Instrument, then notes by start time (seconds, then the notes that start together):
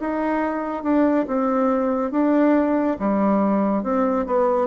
bassoon
0.00 D#4
0.83 D4
1.27 C4
2.11 D4
2.99 G3
3.83 C4
4.26 B3